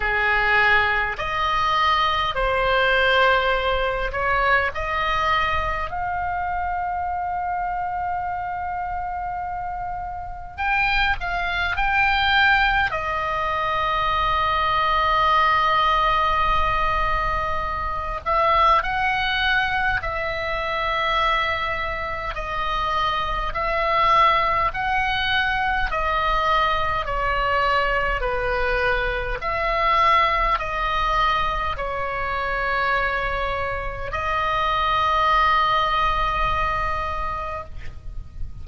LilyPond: \new Staff \with { instrumentName = "oboe" } { \time 4/4 \tempo 4 = 51 gis'4 dis''4 c''4. cis''8 | dis''4 f''2.~ | f''4 g''8 f''8 g''4 dis''4~ | dis''2.~ dis''8 e''8 |
fis''4 e''2 dis''4 | e''4 fis''4 dis''4 cis''4 | b'4 e''4 dis''4 cis''4~ | cis''4 dis''2. | }